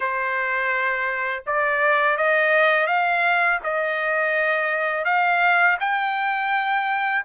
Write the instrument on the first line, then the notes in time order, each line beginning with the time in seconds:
trumpet
0.00 C5
1.46 D5
2.17 D#5
2.87 F5
3.63 D#5
5.04 F5
5.80 G5